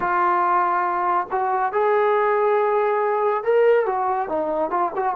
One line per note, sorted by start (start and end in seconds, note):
0.00 1.27 F4
1.31 1.72 F#4
1.72 3.43 G#4
3.43 3.86 A#4
3.86 4.29 F#4
4.29 4.70 D#4
4.70 4.91 F4
4.95 5.15 F#4